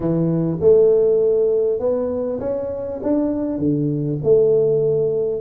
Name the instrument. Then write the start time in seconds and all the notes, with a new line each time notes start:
tuba
0.00 E3
0.60 A3
1.79 B3
2.39 C#4
3.02 D4
3.58 D3
4.23 A3